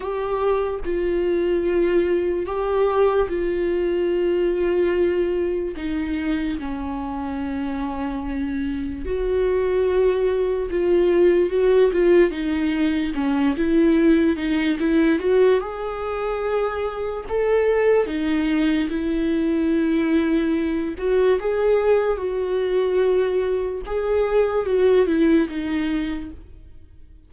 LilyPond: \new Staff \with { instrumentName = "viola" } { \time 4/4 \tempo 4 = 73 g'4 f'2 g'4 | f'2. dis'4 | cis'2. fis'4~ | fis'4 f'4 fis'8 f'8 dis'4 |
cis'8 e'4 dis'8 e'8 fis'8 gis'4~ | gis'4 a'4 dis'4 e'4~ | e'4. fis'8 gis'4 fis'4~ | fis'4 gis'4 fis'8 e'8 dis'4 | }